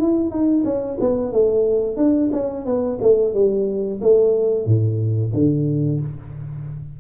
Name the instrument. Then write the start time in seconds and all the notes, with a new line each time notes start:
tuba
0.00 E4
0.30 D#4
0.65 C#4
1.00 B3
1.32 A3
1.97 D4
2.32 C#4
2.65 B3
3.01 A3
3.34 G3
4.02 A3
4.66 A2
5.34 D3